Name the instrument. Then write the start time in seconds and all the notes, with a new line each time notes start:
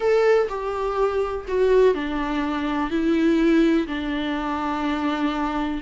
viola
0.00 A4
0.49 G4
1.48 F#4
1.94 D4
2.90 E4
3.87 D4